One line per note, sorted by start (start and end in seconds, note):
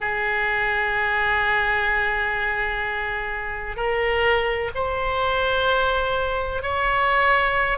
0.00 3.76 G#4
3.76 4.71 A#4
4.74 6.62 C5
6.62 7.78 C#5